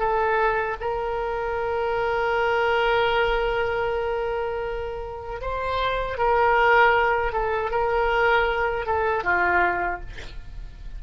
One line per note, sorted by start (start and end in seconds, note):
0.00 0.77 A4
0.81 5.42 A#4
5.42 6.18 C5
6.18 7.33 A#4
7.33 7.71 A4
7.71 8.86 A#4
8.86 9.24 A4
9.24 10.01 F4